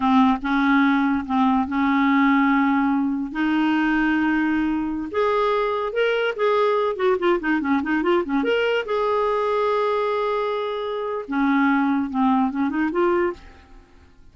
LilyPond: \new Staff \with { instrumentName = "clarinet" } { \time 4/4 \tempo 4 = 144 c'4 cis'2 c'4 | cis'1 | dis'1~ | dis'16 gis'2 ais'4 gis'8.~ |
gis'8. fis'8 f'8 dis'8 cis'8 dis'8 f'8 cis'16~ | cis'16 ais'4 gis'2~ gis'8.~ | gis'2. cis'4~ | cis'4 c'4 cis'8 dis'8 f'4 | }